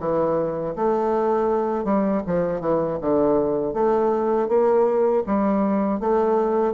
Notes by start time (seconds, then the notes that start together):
0.00 E3
0.76 A3
1.85 G3
2.27 F3
2.60 E3
3.02 D3
3.74 A3
4.49 A#3
5.27 G3
6.00 A3